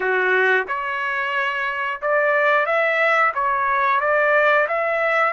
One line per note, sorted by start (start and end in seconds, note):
0.00 0.66 F#4
0.67 2.01 C#5
2.02 2.66 D5
2.66 3.32 E5
3.34 4.00 C#5
4.00 4.67 D5
4.68 5.33 E5